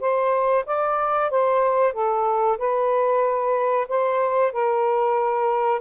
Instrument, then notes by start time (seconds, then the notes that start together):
saxophone
0.00 C5
0.66 D5
1.30 C5
1.93 A4
2.58 B4
3.88 C5
4.52 A#4